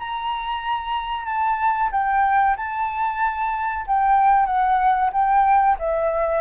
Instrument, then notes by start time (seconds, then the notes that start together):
flute
0.00 A#5
1.26 A5
1.92 G5
2.57 A5
3.87 G5
4.46 F#5
5.13 G5
5.80 E5